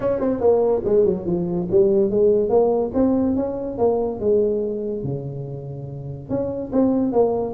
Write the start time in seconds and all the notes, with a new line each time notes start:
0.00 C#4
0.20 C4
0.40 A#3
0.84 G#3
1.05 F#3
1.25 F3
1.71 G3
2.10 G#3
2.49 A#3
2.94 C4
3.35 C#4
3.78 A#3
4.20 G#3
5.03 C#3
6.29 C#4
6.72 C4
7.12 A#3